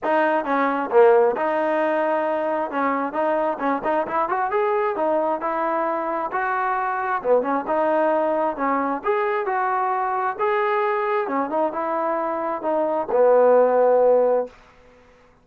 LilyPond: \new Staff \with { instrumentName = "trombone" } { \time 4/4 \tempo 4 = 133 dis'4 cis'4 ais4 dis'4~ | dis'2 cis'4 dis'4 | cis'8 dis'8 e'8 fis'8 gis'4 dis'4 | e'2 fis'2 |
b8 cis'8 dis'2 cis'4 | gis'4 fis'2 gis'4~ | gis'4 cis'8 dis'8 e'2 | dis'4 b2. | }